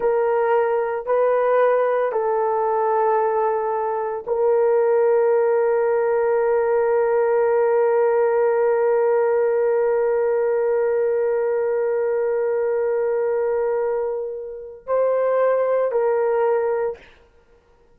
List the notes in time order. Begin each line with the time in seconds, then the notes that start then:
0.00 A#4
1.06 B4
2.12 A4
4.26 A#4
14.86 C5
15.91 A#4